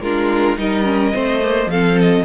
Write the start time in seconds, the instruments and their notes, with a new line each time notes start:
0.00 cello G#3, viola D4, violin F4 A#4
0.57 cello G3, viola D#4, violin A#4 D#5
0.83 viola C#4
1.13 cello A3, viola C4, violin C5
1.42 viola A#3
1.66 cello F3, viola C4, violin A4 F5
2.00 violin D#5